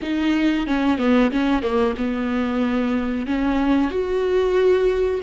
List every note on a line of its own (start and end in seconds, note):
0.02 0.66 D#4
0.66 0.98 C#4
0.98 1.30 B3
1.31 1.62 C#4
1.62 1.94 A#3
1.97 3.26 B3
3.26 3.90 C#4
3.90 5.20 F#4